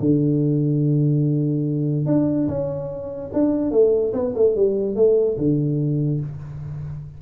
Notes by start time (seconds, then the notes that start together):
0.00 D3
2.06 D4
2.48 C#4
3.33 D4
3.71 A3
4.13 B3
4.35 A3
4.55 G3
4.96 A3
5.38 D3